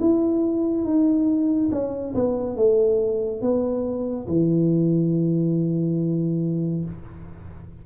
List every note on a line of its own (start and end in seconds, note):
0.00 0.84 E4
0.84 1.70 D#4
1.71 2.14 C#4
2.15 2.56 B3
2.56 3.41 A3
3.41 4.27 B3
4.27 6.84 E3